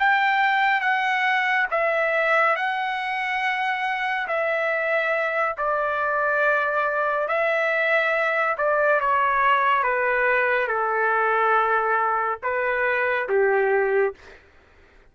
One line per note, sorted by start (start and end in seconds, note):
0.00 0.81 G5
0.81 1.67 F#5
1.71 2.56 E5
2.56 4.28 F#5
4.28 5.56 E5
5.58 7.28 D5
7.28 8.57 E5
8.58 9.01 D5
9.01 9.83 C#5
9.83 10.68 B4
10.68 12.39 A4
12.43 13.29 B4
13.29 14.15 G4